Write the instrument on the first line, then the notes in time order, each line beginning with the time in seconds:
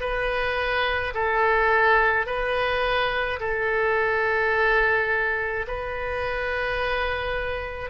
oboe
0.00 B4
1.14 A4
2.26 B4
3.39 A4
5.67 B4